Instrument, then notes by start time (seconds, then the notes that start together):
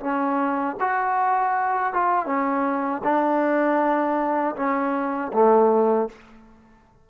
trombone
0.00 C#4
0.80 F#4
1.93 F4
2.26 C#4
3.03 D4
4.56 C#4
5.33 A3